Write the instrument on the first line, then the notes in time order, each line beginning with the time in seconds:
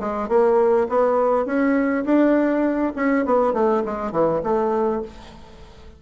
bassoon
0.00 G#3
0.29 A#3
0.89 B3
1.46 C#4
2.05 D4
2.96 C#4
3.26 B3
3.54 A3
3.86 G#3
4.12 E3
4.44 A3